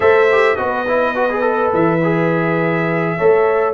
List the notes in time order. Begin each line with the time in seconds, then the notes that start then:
0.00 A3 A4 C5 E5
0.31 G4
0.56 B3 F#4 B4 D#5
0.88 E4
1.15 F#4
1.30 G#4
1.41 A4
1.73 E3 E5
2.03 G#4
3.17 A3 A4 C#5